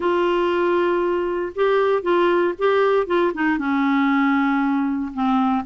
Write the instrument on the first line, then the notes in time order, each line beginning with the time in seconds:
clarinet
0.00 F4
1.55 G4
2.02 F4
2.58 G4
3.07 F4
3.33 D#4
3.58 C#4
5.13 C4